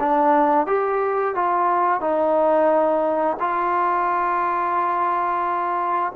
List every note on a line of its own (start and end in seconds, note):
0.00 0.67 D4
0.67 1.35 G4
1.35 2.01 F4
2.01 3.37 D#4
3.40 6.13 F4